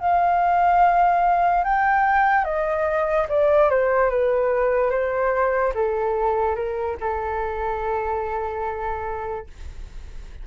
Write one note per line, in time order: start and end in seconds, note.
0.00 1.64 F5
1.64 2.45 G5
2.45 3.27 D#5
3.29 3.70 D5
3.70 4.10 C5
4.10 4.91 B4
4.91 5.73 C5
5.75 6.56 A4
6.56 6.97 A#4
7.00 9.47 A4